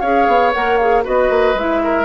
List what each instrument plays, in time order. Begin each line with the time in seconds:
0.00 bassoon C#4, clarinet G#4, oboe C#5, flute F5
0.27 bassoon B3
0.53 bassoon A#3, clarinet A#4, flute F#5
0.77 clarinet G#4, flute F5
1.03 bassoon B3, clarinet F#4, oboe B4, flute D#5
1.29 bassoon A#3
1.54 bassoon G#3, clarinet E4, flute E5
1.83 oboe A#4